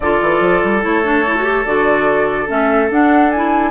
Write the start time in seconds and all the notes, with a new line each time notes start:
0.00 D3 F4 A4 D5
0.21 E3
0.40 F3
0.63 G3
0.82 A3 E4 C#5
1.04 D4
1.26 E4
1.36 F#4
1.43 G4
1.65 D3 F#4 D5
2.46 A3 C#4 E5
2.90 D4 F#5
3.30 E4 G#5